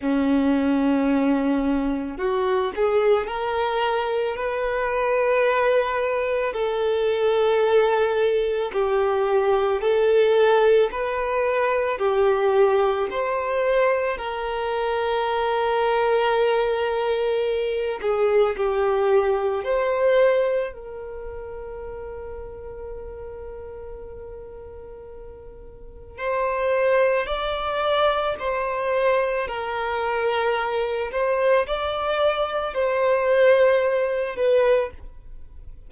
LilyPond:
\new Staff \with { instrumentName = "violin" } { \time 4/4 \tempo 4 = 55 cis'2 fis'8 gis'8 ais'4 | b'2 a'2 | g'4 a'4 b'4 g'4 | c''4 ais'2.~ |
ais'8 gis'8 g'4 c''4 ais'4~ | ais'1 | c''4 d''4 c''4 ais'4~ | ais'8 c''8 d''4 c''4. b'8 | }